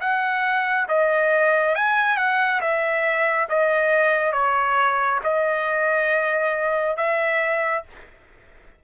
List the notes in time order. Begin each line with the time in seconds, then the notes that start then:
0.00 F#5
0.88 D#5
1.75 G#5
2.17 F#5
2.60 E5
3.49 D#5
4.32 C#5
5.23 D#5
6.96 E5